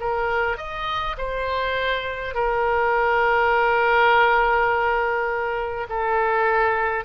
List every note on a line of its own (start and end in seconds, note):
0.00 0.58 A#4
0.58 1.17 D#5
1.18 2.35 C5
2.35 5.88 A#4
5.89 7.05 A4